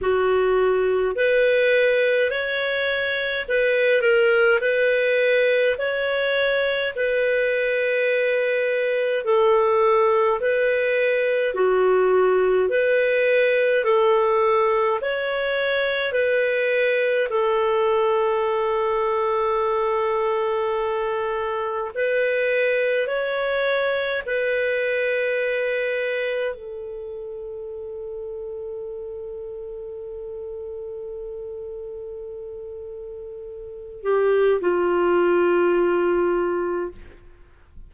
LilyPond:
\new Staff \with { instrumentName = "clarinet" } { \time 4/4 \tempo 4 = 52 fis'4 b'4 cis''4 b'8 ais'8 | b'4 cis''4 b'2 | a'4 b'4 fis'4 b'4 | a'4 cis''4 b'4 a'4~ |
a'2. b'4 | cis''4 b'2 a'4~ | a'1~ | a'4. g'8 f'2 | }